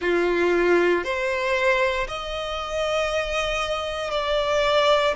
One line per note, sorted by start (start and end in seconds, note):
0.00 1.03 F4
1.03 2.07 C5
2.08 4.11 D#5
4.11 5.14 D5